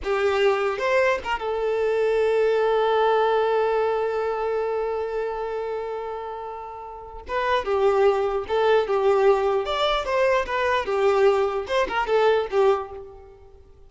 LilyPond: \new Staff \with { instrumentName = "violin" } { \time 4/4 \tempo 4 = 149 g'2 c''4 ais'8 a'8~ | a'1~ | a'1~ | a'1~ |
a'2 b'4 g'4~ | g'4 a'4 g'2 | d''4 c''4 b'4 g'4~ | g'4 c''8 ais'8 a'4 g'4 | }